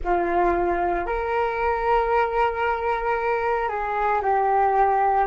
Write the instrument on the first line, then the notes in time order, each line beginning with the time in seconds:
flute
0.04 F4
1.05 A#4
3.68 G#4
4.22 G4